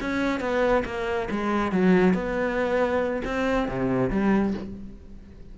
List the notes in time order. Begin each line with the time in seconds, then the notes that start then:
0.00 C#4
0.40 B3
0.85 A#3
1.30 G#3
1.72 F#3
2.13 B3
3.24 C4
3.68 C3
4.10 G3